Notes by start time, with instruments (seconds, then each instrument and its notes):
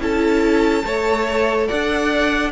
0.00 cello C#4, viola E4, violin A4 A5
0.85 cello A3, viola A4, violin C#5
1.68 cello D4, violin D5 F#5